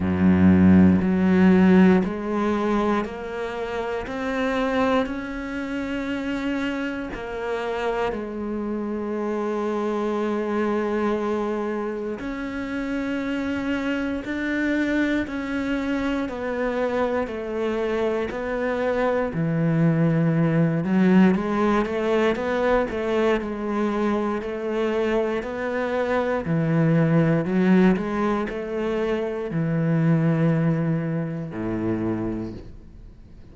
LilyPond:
\new Staff \with { instrumentName = "cello" } { \time 4/4 \tempo 4 = 59 fis,4 fis4 gis4 ais4 | c'4 cis'2 ais4 | gis1 | cis'2 d'4 cis'4 |
b4 a4 b4 e4~ | e8 fis8 gis8 a8 b8 a8 gis4 | a4 b4 e4 fis8 gis8 | a4 e2 a,4 | }